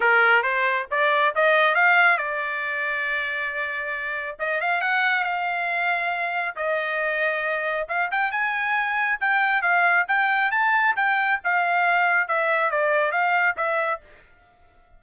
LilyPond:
\new Staff \with { instrumentName = "trumpet" } { \time 4/4 \tempo 4 = 137 ais'4 c''4 d''4 dis''4 | f''4 d''2.~ | d''2 dis''8 f''8 fis''4 | f''2. dis''4~ |
dis''2 f''8 g''8 gis''4~ | gis''4 g''4 f''4 g''4 | a''4 g''4 f''2 | e''4 d''4 f''4 e''4 | }